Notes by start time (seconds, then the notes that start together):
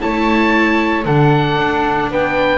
0.00 A3 E4 C#5 A5
1.05 D3 D4 A4 F#5
1.58 D4
2.10 B3 B4 G5